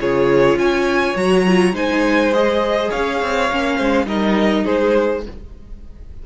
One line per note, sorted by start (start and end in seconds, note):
0.00 0.55 C#3
0.00 1.15 F4
0.00 0.58 G#4
0.00 0.58 C#5
0.55 1.13 C#4
0.55 1.74 C#5
0.55 1.16 G#5
1.15 1.72 F#3
1.15 1.44 F#4
1.15 1.75 A#5
1.47 1.74 F4
1.72 2.89 G#3
1.72 2.32 D#4
1.72 2.90 C5
1.72 2.33 G#5
2.33 3.50 G#4
2.33 2.91 D#5
2.90 3.21 C#4
2.90 3.76 C#5
2.90 4.07 F5
3.21 3.51 C4
3.51 3.80 A#3
3.51 4.05 C#4
3.76 4.05 G#3
3.76 4.06 C5
4.05 4.63 G3
4.05 5.22 D#4
4.05 4.64 A#4
4.05 4.65 D#5
4.64 5.26 G#3
4.64 5.22 G#4
4.64 5.23 C5